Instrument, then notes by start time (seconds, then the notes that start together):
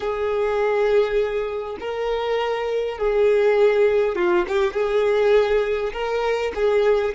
violin
0.00 G#4
1.80 A#4
2.98 G#4
4.15 F4
4.48 G4
4.73 G#4
5.92 A#4
6.54 G#4